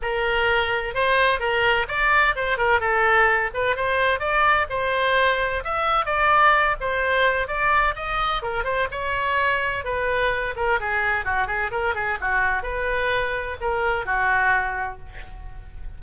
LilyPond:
\new Staff \with { instrumentName = "oboe" } { \time 4/4 \tempo 4 = 128 ais'2 c''4 ais'4 | d''4 c''8 ais'8 a'4. b'8 | c''4 d''4 c''2 | e''4 d''4. c''4. |
d''4 dis''4 ais'8 c''8 cis''4~ | cis''4 b'4. ais'8 gis'4 | fis'8 gis'8 ais'8 gis'8 fis'4 b'4~ | b'4 ais'4 fis'2 | }